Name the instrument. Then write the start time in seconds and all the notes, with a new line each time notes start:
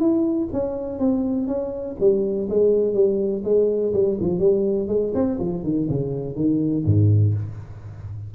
tuba
0.00 E4
0.53 C#4
1.00 C4
1.48 C#4
2.00 G3
2.50 G#3
2.94 G3
3.45 G#3
3.94 G3
4.21 F3
4.40 G3
4.88 G#3
5.15 C4
5.40 F3
5.64 D#3
5.90 C#3
6.36 D#3
6.86 G#2